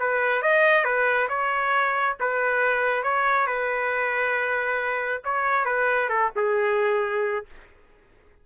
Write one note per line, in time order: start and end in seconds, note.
0.00 0.42 B4
0.42 0.85 D#5
0.85 1.28 B4
1.29 2.17 C#5
2.20 3.03 B4
3.03 3.47 C#5
3.47 5.22 B4
5.25 5.66 C#5
5.66 6.09 B4
6.09 6.31 A4
6.36 7.46 G#4